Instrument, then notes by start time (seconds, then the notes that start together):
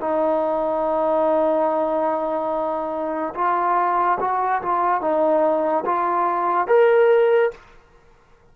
trombone
0.00 D#4
3.34 F4
4.20 F#4
4.62 F4
5.01 D#4
5.85 F4
6.67 A#4